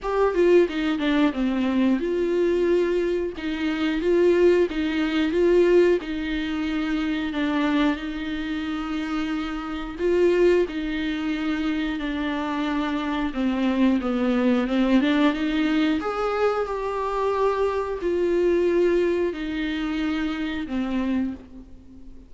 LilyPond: \new Staff \with { instrumentName = "viola" } { \time 4/4 \tempo 4 = 90 g'8 f'8 dis'8 d'8 c'4 f'4~ | f'4 dis'4 f'4 dis'4 | f'4 dis'2 d'4 | dis'2. f'4 |
dis'2 d'2 | c'4 b4 c'8 d'8 dis'4 | gis'4 g'2 f'4~ | f'4 dis'2 c'4 | }